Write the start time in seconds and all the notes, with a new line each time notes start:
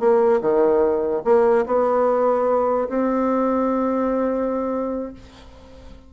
0.00 A#3
0.41 D#3
1.25 A#3
1.66 B3
2.89 C4